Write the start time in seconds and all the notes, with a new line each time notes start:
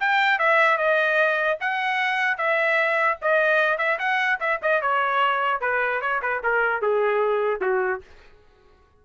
0.00 G5
0.39 E5
0.78 D#5
1.60 F#5
2.38 E5
3.22 D#5
3.78 E5
3.99 F#5
4.40 E5
4.62 D#5
4.82 C#5
5.61 B4
6.01 C#5
6.22 B4
6.43 A#4
6.82 G#4
7.61 F#4